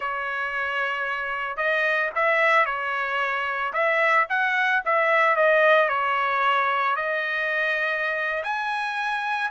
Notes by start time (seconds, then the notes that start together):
0.00 C#5
1.57 D#5
2.15 E5
2.65 C#5
3.73 E5
4.29 F#5
4.85 E5
5.36 D#5
5.88 C#5
6.95 D#5
8.43 G#5